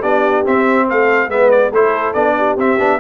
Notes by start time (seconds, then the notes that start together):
0.00 B3 D4 G4 D5
0.45 C4 E5
0.89 A3 A4 F5
1.28 G#3 B3 B4 E5
1.50 D5
1.71 A3 E4 A4 C5
2.13 B3 D4 D5
2.37 G4
2.56 C4 E5
2.78 B3 D4